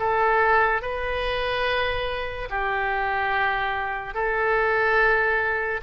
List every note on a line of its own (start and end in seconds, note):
0.00 0.82 A4
0.82 2.49 B4
2.50 4.14 G4
4.14 5.81 A4